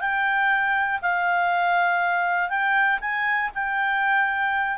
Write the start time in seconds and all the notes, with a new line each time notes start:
0.00 G5
1.02 F5
2.50 G5
3.01 G#5
3.55 G5